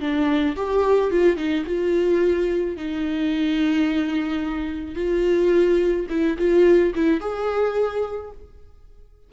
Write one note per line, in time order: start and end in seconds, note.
0.00 0.56 D4
0.56 1.11 G4
1.11 1.37 F4
1.37 1.64 D#4
1.65 2.76 F4
2.76 4.95 D#4
4.95 6.06 F4
6.09 6.37 E4
6.38 6.94 F4
6.95 7.20 E4
7.20 8.32 G#4